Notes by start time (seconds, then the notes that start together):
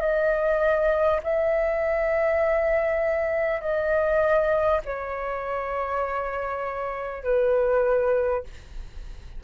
0.00 D#5
1.23 E5
3.61 D#5
4.85 C#5
7.23 B4